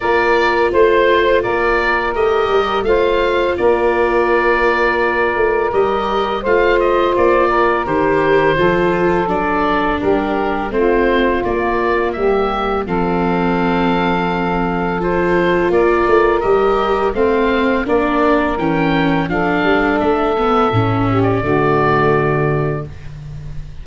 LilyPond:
<<
  \new Staff \with { instrumentName = "oboe" } { \time 4/4 \tempo 4 = 84 d''4 c''4 d''4 dis''4 | f''4 d''2. | dis''4 f''8 dis''8 d''4 c''4~ | c''4 d''4 ais'4 c''4 |
d''4 e''4 f''2~ | f''4 c''4 d''4 dis''4 | f''4 d''4 g''4 f''4 | e''4.~ e''16 d''2~ d''16 | }
  \new Staff \with { instrumentName = "saxophone" } { \time 4/4 ais'4 c''4 ais'2 | c''4 ais'2.~ | ais'4 c''4. ais'4. | a'2 g'4 f'4~ |
f'4 g'4 a'2~ | a'2 ais'2 | c''4 ais'2 a'4~ | a'4. g'8 fis'2 | }
  \new Staff \with { instrumentName = "viola" } { \time 4/4 f'2. g'4 | f'1 | g'4 f'2 g'4 | f'4 d'2 c'4 |
ais2 c'2~ | c'4 f'2 g'4 | c'4 d'4 cis'4 d'4~ | d'8 b8 cis'4 a2 | }
  \new Staff \with { instrumentName = "tuba" } { \time 4/4 ais4 a4 ais4 a8 g8 | a4 ais2~ ais8 a8 | g4 a4 ais4 dis4 | f4 fis4 g4 a4 |
ais4 g4 f2~ | f2 ais8 a8 g4 | a4 ais4 e4 f8 g8 | a4 a,4 d2 | }
>>